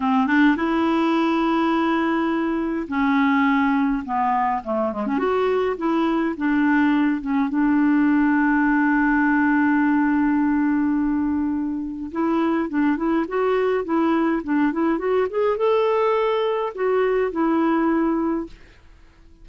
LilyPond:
\new Staff \with { instrumentName = "clarinet" } { \time 4/4 \tempo 4 = 104 c'8 d'8 e'2.~ | e'4 cis'2 b4 | a8 gis16 cis'16 fis'4 e'4 d'4~ | d'8 cis'8 d'2.~ |
d'1~ | d'4 e'4 d'8 e'8 fis'4 | e'4 d'8 e'8 fis'8 gis'8 a'4~ | a'4 fis'4 e'2 | }